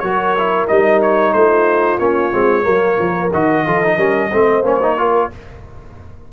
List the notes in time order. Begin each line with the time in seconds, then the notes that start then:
0.00 F#3 F#4 A#4 C#5
0.38 E4
0.68 G3 D#4 D#5
1.02 C#5
1.33 A3 F4 C5
1.99 A#3 C#4 C#5
2.32 G#3 C4
2.63 F#3 A#3 A#4
2.99 F3
3.34 D#3 F#4 D#5
3.65 F3 F4 A4
3.84 D#4
3.96 G3 C#4 A#4
4.30 A3 C4 C5
4.63 A#3 C#4 C#5
4.82 D#4
4.98 F4 A#4